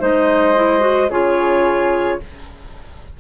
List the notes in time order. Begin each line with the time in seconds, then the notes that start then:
0.00 G#3 D#4 C5 D#5
0.55 E4
0.80 F#4
1.10 C#3 F4 G#4 C#5